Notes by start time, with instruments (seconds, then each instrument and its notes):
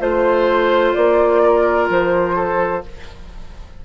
0.00 bassoon A3, clarinet F4, oboe C5, flute C5
0.94 bassoon A#3, flute D5
1.44 oboe A#4
1.90 bassoon F3, flute C5
2.36 oboe A4